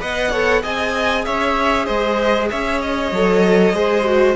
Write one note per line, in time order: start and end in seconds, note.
0.00 0.64 B3
0.00 0.31 B4
0.00 0.31 D#5
0.00 0.64 F#5
0.31 0.63 A4
0.31 0.62 C#5
0.63 1.27 C4
0.63 3.13 G#4
0.63 1.26 D#5
0.63 1.25 G#5
1.25 1.89 C#4
1.25 1.87 C#5
1.25 1.86 E5
1.86 2.51 G#3
1.86 2.49 C5
1.86 2.48 D#5
2.51 3.12 C#4
2.51 3.76 C#5
2.51 2.82 E5
2.82 4.36 D#5
3.12 3.73 F#3
3.12 3.74 A4
3.73 4.36 G#3
3.73 4.05 G#4
3.73 4.36 C5
4.05 4.36 F#4